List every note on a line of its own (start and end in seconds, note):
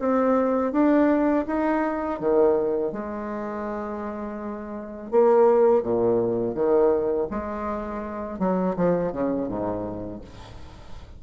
0.00 0.73 C4
0.73 1.46 D4
1.47 2.21 D#4
2.21 2.93 D#3
2.93 5.12 G#3
5.12 5.83 A#3
5.83 6.55 A#2
6.55 7.28 D#3
7.31 8.39 G#3
8.39 8.76 F#3
8.77 9.13 F3
9.13 9.49 C#3
9.49 10.22 G#2